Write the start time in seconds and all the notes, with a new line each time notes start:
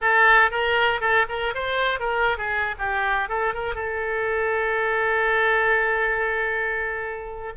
0.01 A4
0.50 A#4
1.00 A4
1.28 A#4
1.54 C5
1.99 A#4
2.37 G#4
2.78 G4
3.28 A4
3.54 A#4
3.74 A4